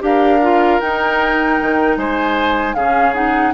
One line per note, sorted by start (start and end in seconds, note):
0.00 0.80 D4
0.00 0.39 G4
0.00 1.98 A#4
0.00 0.80 F5
0.42 0.81 F4
0.80 2.75 D#4
0.80 1.60 D#4
0.80 1.97 G5
1.61 1.97 D#3
1.97 2.75 G#3
1.97 2.76 C5
1.97 2.74 G#5
2.74 3.53 C#3
2.74 3.14 C#4
2.74 3.53 G#4
2.74 3.13 F5
3.14 3.53 D#4
3.14 3.53 F#5